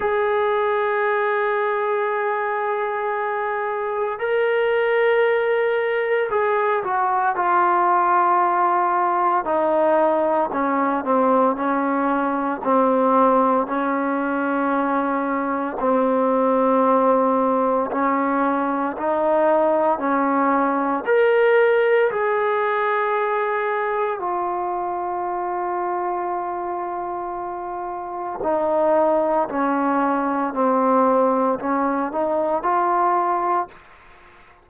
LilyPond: \new Staff \with { instrumentName = "trombone" } { \time 4/4 \tempo 4 = 57 gis'1 | ais'2 gis'8 fis'8 f'4~ | f'4 dis'4 cis'8 c'8 cis'4 | c'4 cis'2 c'4~ |
c'4 cis'4 dis'4 cis'4 | ais'4 gis'2 f'4~ | f'2. dis'4 | cis'4 c'4 cis'8 dis'8 f'4 | }